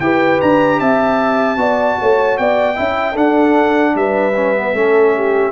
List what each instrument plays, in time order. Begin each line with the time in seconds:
0.00 tuba E4, trombone G4, horn B4, trumpet G5
0.40 tuba D4, trumpet A#5
0.79 tuba C4, horn E5, trumpet A5
1.57 tuba B3, trombone F#4, horn D5
2.00 tuba A3, horn C#5
2.37 tuba B3, horn D5, trumpet G5
2.75 tuba C#4, trombone E4, horn E5
3.12 trombone D4, tuba D4, horn A4, trumpet F#5
3.95 tuba G3, horn B4, trumpet E5
4.36 trombone C#4
4.54 trombone B3
4.73 tuba A3, trombone C#4, horn A4
5.15 horn G4